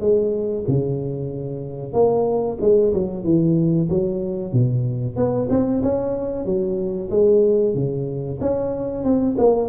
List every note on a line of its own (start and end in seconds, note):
0.00 0.65 G#3
0.67 1.93 C#3
1.93 2.57 A#3
2.61 2.93 G#3
2.93 3.24 F#3
3.24 3.88 E3
3.89 4.52 F#3
4.52 5.16 B2
5.16 5.48 B3
5.50 5.82 C4
5.82 6.45 C#4
6.45 7.10 F#3
7.10 7.74 G#3
7.74 8.39 C#3
8.40 9.04 C#4
9.04 9.36 C4
9.38 9.69 A#3